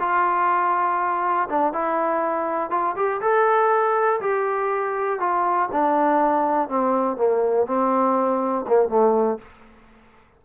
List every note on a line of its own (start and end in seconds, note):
0.00 1.49 F4
1.49 1.73 D4
1.73 2.71 E4
2.71 2.95 F4
2.96 3.21 G4
3.22 4.21 A4
4.21 5.20 G4
5.20 5.70 F4
5.72 6.69 D4
6.69 7.17 C4
7.17 7.67 A#3
7.67 8.66 C4
8.68 8.89 A#3
8.89 9.39 A3